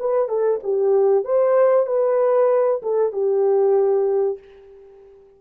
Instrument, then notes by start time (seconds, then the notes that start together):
horn
0.00 B4
0.29 A4
0.63 G4
1.25 C5
1.87 B4
2.82 A4
3.13 G4